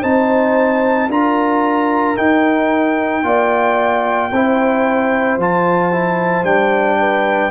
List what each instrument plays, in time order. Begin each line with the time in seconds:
0.00 tuba C4, trombone D#4, horn C5, trumpet A5
1.08 tuba D4, trombone F4, horn A#4, trumpet A#5
2.17 tuba D#4, trombone D#4, trumpet G5
3.23 tuba A#3, trombone F4, horn D5
4.31 tuba C4, trombone E4, horn C5
5.37 tuba F3, trombone F4, trumpet A5
5.92 trombone E4
6.43 tuba G3, trombone D4, trumpet G5
7.00 horn B4